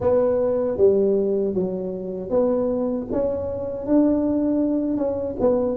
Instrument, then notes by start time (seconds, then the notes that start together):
tuba
0.00 B3
0.77 G3
1.54 F#3
2.29 B3
3.12 C#4
3.86 D4
4.97 C#4
5.40 B3